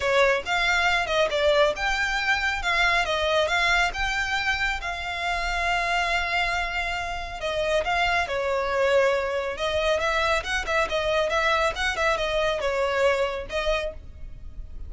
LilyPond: \new Staff \with { instrumentName = "violin" } { \time 4/4 \tempo 4 = 138 cis''4 f''4. dis''8 d''4 | g''2 f''4 dis''4 | f''4 g''2 f''4~ | f''1~ |
f''4 dis''4 f''4 cis''4~ | cis''2 dis''4 e''4 | fis''8 e''8 dis''4 e''4 fis''8 e''8 | dis''4 cis''2 dis''4 | }